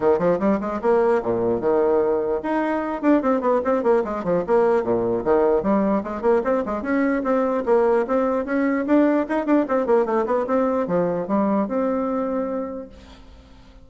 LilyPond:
\new Staff \with { instrumentName = "bassoon" } { \time 4/4 \tempo 4 = 149 dis8 f8 g8 gis8 ais4 ais,4 | dis2 dis'4. d'8 | c'8 b8 c'8 ais8 gis8 f8 ais4 | ais,4 dis4 g4 gis8 ais8 |
c'8 gis8 cis'4 c'4 ais4 | c'4 cis'4 d'4 dis'8 d'8 | c'8 ais8 a8 b8 c'4 f4 | g4 c'2. | }